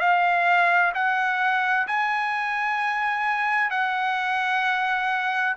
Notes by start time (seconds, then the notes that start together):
0.00 F5
0.94 F#5
1.87 G#5
3.70 F#5